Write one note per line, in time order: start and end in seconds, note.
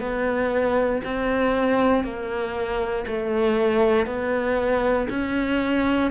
0.00 1.02 B3
1.04 2.03 C4
2.03 3.05 A#3
3.07 4.06 A3
4.06 5.08 B3
5.09 6.11 C#4